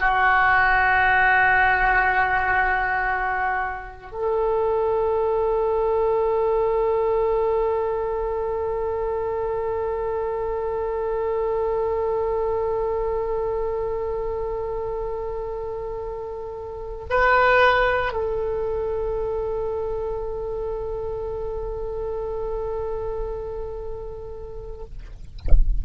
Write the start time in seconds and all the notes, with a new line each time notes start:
0.00 F#4
4.12 A4
17.10 B4
18.13 A4